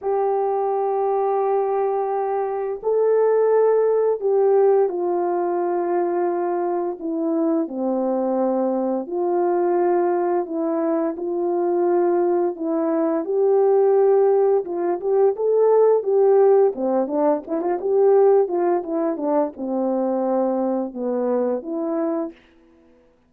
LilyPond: \new Staff \with { instrumentName = "horn" } { \time 4/4 \tempo 4 = 86 g'1 | a'2 g'4 f'4~ | f'2 e'4 c'4~ | c'4 f'2 e'4 |
f'2 e'4 g'4~ | g'4 f'8 g'8 a'4 g'4 | c'8 d'8 e'16 f'16 g'4 f'8 e'8 d'8 | c'2 b4 e'4 | }